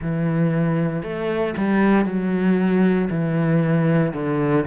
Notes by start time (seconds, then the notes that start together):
0.01 E3
1.03 A3
1.57 G3
2.05 F#3
3.09 E3
4.13 D3